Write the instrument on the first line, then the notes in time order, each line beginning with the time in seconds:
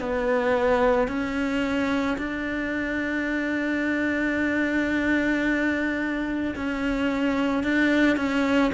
cello
0.00 B3
1.08 C#4
2.18 D4
6.56 C#4
7.64 D4
8.17 C#4